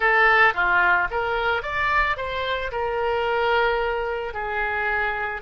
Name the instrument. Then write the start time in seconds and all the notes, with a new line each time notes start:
oboe
0.00 A4
0.54 F4
1.10 A#4
1.62 D5
2.16 C5
2.71 A#4
4.33 G#4